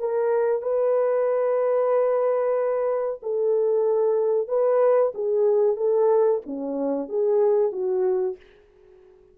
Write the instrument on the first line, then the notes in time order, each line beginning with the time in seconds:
horn
0.00 A#4
0.62 B4
3.23 A4
4.48 B4
5.15 G#4
5.77 A4
6.46 C#4
7.09 G#4
7.72 F#4